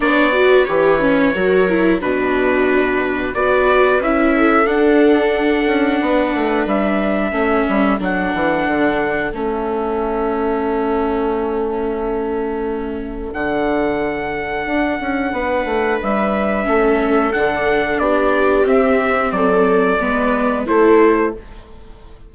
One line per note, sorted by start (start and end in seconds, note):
0.00 0.66 B3
0.00 0.32 D4
0.00 0.35 C#5
0.00 0.65 D5
0.32 0.65 F#4
0.32 1.33 B4
0.65 1.34 E3
0.65 0.99 G4
0.65 1.98 C#5
0.99 1.33 C#4
1.33 2.01 F#3
1.33 1.68 F#4
1.33 2.00 A#4
1.69 2.00 E4
2.00 3.33 B2
2.00 3.33 D4
2.00 3.33 F#4
2.00 3.34 B4
3.33 4.00 B3
3.33 4.01 F#4
3.33 4.36 B4
3.33 4.01 D5
4.00 4.64 C#4
4.00 4.65 E4
4.00 4.66 E5
4.36 6.02 A4
4.64 5.64 D4
4.64 7.32 D4
4.64 6.66 F#5
5.66 5.99 C#4
6.01 6.34 B3
6.01 7.33 B4
6.34 6.65 A3
6.65 7.31 G3
6.65 8.01 E5
7.31 7.64 A3
7.31 7.98 C#4
7.31 15.33 A4
7.68 7.99 G3
7.99 8.32 F#3
7.99 9.32 D4
7.99 9.34 F#5
8.33 8.67 E3
8.67 9.32 D3
9.32 13.32 A3
9.32 13.32 C#4
9.32 13.33 E5
13.32 14.66 D3
13.32 16.64 D4
13.32 16.00 F#5
14.66 14.99 D4
14.99 15.32 C#4
15.32 15.65 B3
15.32 16.67 B4
15.65 15.98 A3
16.02 16.67 G3
16.02 17.32 E5
16.64 17.33 A3
16.64 17.31 C#4
16.64 18.00 A4
17.32 17.98 D3
17.32 18.64 D4
17.32 17.98 F#5
17.98 18.65 B3
17.98 19.33 G4
17.98 18.65 D5
18.64 19.97 C4
18.64 19.31 C4
18.64 19.32 E5
19.31 19.98 F#3
19.31 20.01 A4
19.31 20.65 D5
19.99 20.68 G#3
19.99 20.66 B3
19.99 20.66 B4
20.66 21.34 A3
20.66 21.32 E4
20.66 21.33 A4
20.66 21.34 C5